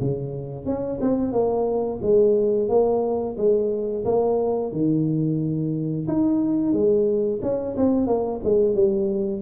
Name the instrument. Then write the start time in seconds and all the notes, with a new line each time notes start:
tuba
0.00 C#3
0.65 C#4
1.01 C4
1.32 A#3
2.02 G#3
2.69 A#3
3.37 G#3
4.04 A#3
4.72 D#3
6.07 D#4
6.72 G#3
7.42 C#4
7.77 C4
8.07 A#3
8.44 G#3
8.74 G3